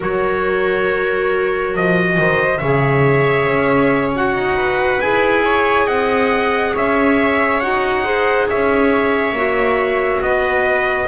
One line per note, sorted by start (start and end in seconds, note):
0.00 1.74 F#3
0.00 2.59 F#4
0.00 2.15 A#4
0.00 1.76 C#5
1.74 2.17 F3
1.74 2.57 D#5
2.17 2.61 D#3
2.17 2.60 C5
2.57 3.47 C#3
2.57 4.15 G#4
2.57 4.55 C#5
2.57 4.10 E5
3.47 4.33 C#4
4.15 5.01 F#4
4.15 5.01 F#5
4.33 4.98 D#4
4.55 5.42 B4
5.00 5.86 E4
5.00 7.61 G#4
5.00 5.87 G#5
5.44 5.86 C#5
5.86 6.73 C4
5.86 6.72 D#5
5.86 6.74 F#5
6.73 7.62 C#4
6.73 8.03 C#5
6.73 7.59 E5
7.59 8.49 D#4
7.59 8.04 F#4
7.59 8.46 F#5
8.04 9.34 G#4
8.04 8.47 C5
8.47 9.32 C#4
8.47 10.21 C#5
8.47 10.22 E5
9.32 10.19 A#3
9.32 11.07 F#4
10.21 11.07 B3
10.21 11.07 B4
10.21 11.07 D#5